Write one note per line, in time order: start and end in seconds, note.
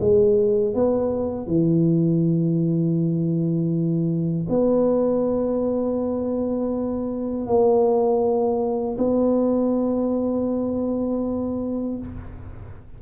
0.00 0.74 G#3
0.74 1.47 B3
1.47 4.47 E3
4.49 7.47 B3
7.47 8.97 A#3
8.98 11.98 B3